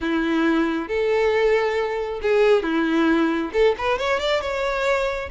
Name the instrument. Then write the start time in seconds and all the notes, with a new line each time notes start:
violin
0.00 E4
0.88 A4
2.22 G#4
2.62 E4
3.53 A4
3.78 B4
3.98 C#5
4.19 D5
4.41 C#5